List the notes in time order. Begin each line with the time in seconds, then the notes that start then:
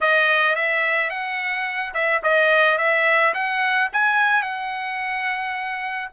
0.01 D#5
0.55 E5
1.10 F#5
1.93 E5
2.23 D#5
2.78 E5
3.34 F#5
3.93 G#5
4.42 F#5